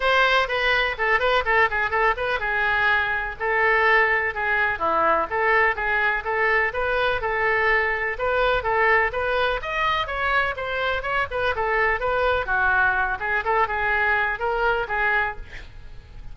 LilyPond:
\new Staff \with { instrumentName = "oboe" } { \time 4/4 \tempo 4 = 125 c''4 b'4 a'8 b'8 a'8 gis'8 | a'8 b'8 gis'2 a'4~ | a'4 gis'4 e'4 a'4 | gis'4 a'4 b'4 a'4~ |
a'4 b'4 a'4 b'4 | dis''4 cis''4 c''4 cis''8 b'8 | a'4 b'4 fis'4. gis'8 | a'8 gis'4. ais'4 gis'4 | }